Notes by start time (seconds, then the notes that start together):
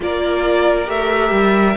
0.00 A#3 F4 A#4 D5
0.85 A3 G4 E5
1.31 G3